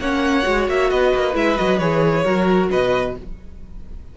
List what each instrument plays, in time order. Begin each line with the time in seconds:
0.00 cello A#3, viola C#4, violin C#5 F#5
0.43 cello G#3, viola F#4
0.68 cello A#3, violin E5
0.90 cello B3, violin B4 D#5
1.15 cello A#3
1.34 cello G#3, viola E4, violin E5
1.56 cello F#3, viola F#4, violin D#5
1.79 cello E3, viola G#4, violin C#5
2.24 cello F#3, viola F#4, violin A#4
2.71 cello B2, violin B4 D#5